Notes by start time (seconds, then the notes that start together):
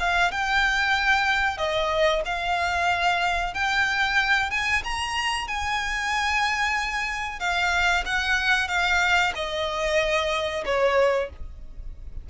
0.00 F5
0.32 G5
1.58 D#5
2.26 F5
3.55 G5
4.51 G#5
4.84 A#5
5.48 G#5
7.40 F5
8.06 F#5
8.69 F5
9.35 D#5
10.66 C#5